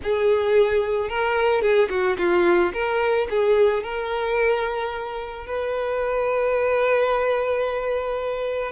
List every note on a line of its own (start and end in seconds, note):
0.03 1.09 G#4
1.09 1.61 A#4
1.61 1.88 G#4
1.89 2.16 F#4
2.18 2.72 F4
2.73 3.27 A#4
3.30 3.83 G#4
3.83 5.46 A#4
5.46 8.71 B4